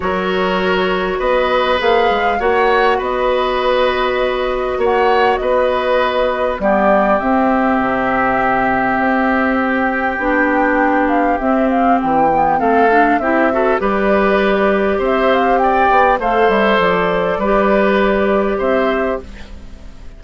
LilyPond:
<<
  \new Staff \with { instrumentName = "flute" } { \time 4/4 \tempo 4 = 100 cis''2 dis''4 f''4 | fis''4 dis''2. | fis''4 dis''2 d''4 | e''1 |
g''2~ g''8 f''8 e''8 f''8 | g''4 f''4 e''4 d''4~ | d''4 e''8 f''8 g''4 f''8 e''8 | d''2. e''4 | }
  \new Staff \with { instrumentName = "oboe" } { \time 4/4 ais'2 b'2 | cis''4 b'2. | cis''4 b'2 g'4~ | g'1~ |
g'1~ | g'4 a'4 g'8 a'8 b'4~ | b'4 c''4 d''4 c''4~ | c''4 b'2 c''4 | }
  \new Staff \with { instrumentName = "clarinet" } { \time 4/4 fis'2. gis'4 | fis'1~ | fis'2. b4 | c'1~ |
c'4 d'2 c'4~ | c'8 b8 c'8 d'8 e'8 fis'8 g'4~ | g'2. a'4~ | a'4 g'2. | }
  \new Staff \with { instrumentName = "bassoon" } { \time 4/4 fis2 b4 ais8 gis8 | ais4 b2. | ais4 b2 g4 | c'4 c2 c'4~ |
c'4 b2 c'4 | e4 a4 c'4 g4~ | g4 c'4. b8 a8 g8 | f4 g2 c'4 | }
>>